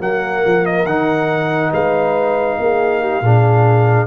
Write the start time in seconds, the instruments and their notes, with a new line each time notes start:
0.00 tuba F#3, trombone A#3, horn A#4, trumpet F#5
0.46 tuba F3
0.66 trumpet D#5
0.86 tuba D#3, trombone D#4, trumpet F#5
1.72 tuba G#3, horn B4, trumpet F5
2.59 tuba A#3, horn G#4
3.02 horn G4
3.22 tuba A#2, trombone D4, horn G#4